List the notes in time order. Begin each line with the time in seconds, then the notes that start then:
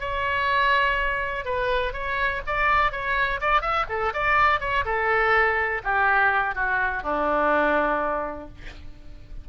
0.00 C#5
1.45 B4
1.93 C#5
2.47 D5
2.92 C#5
3.40 D5
3.62 E5
3.89 A4
4.13 D5
4.60 C#5
4.85 A4
5.84 G4
6.55 F#4
7.03 D4